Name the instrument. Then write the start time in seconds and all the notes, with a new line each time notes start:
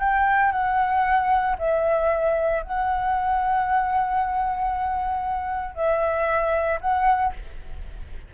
flute
0.00 G5
0.52 F#5
1.59 E5
2.63 F#5
5.75 E5
6.81 F#5